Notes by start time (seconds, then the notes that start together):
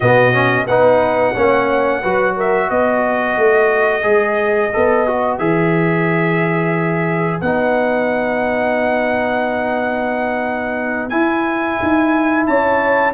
0.00 B2 B3 F#4 D#5
0.33 C#4
0.66 B3 D#4 B4 F#5
1.33 A#3 C#4 C#5
2.01 F#3 F#4 B4
2.37 A#4 E5
2.70 B3 B4 D#5
3.37 A3
4.02 G#3 G#4
4.73 B3 A4
5.06 F#4
5.37 E3 G#4 E5
7.41 B3 D#4 F#5
11.09 E4 G#5
11.82 D#4
12.46 C#4 C#5 A5